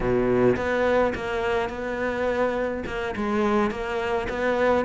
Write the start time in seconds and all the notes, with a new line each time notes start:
0.00 B2
0.56 B3
1.15 A#3
1.69 B3
2.86 A#3
3.16 G#3
3.70 A#3
4.29 B3